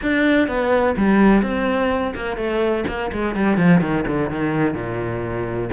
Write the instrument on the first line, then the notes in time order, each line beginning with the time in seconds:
cello
0.02 D4
0.48 B3
0.97 G3
1.42 C4
2.15 A#3
2.36 A3
2.87 A#3
3.12 G#3
3.35 G3
3.57 F3
3.81 D#3
4.07 D3
4.30 D#3
4.74 A#2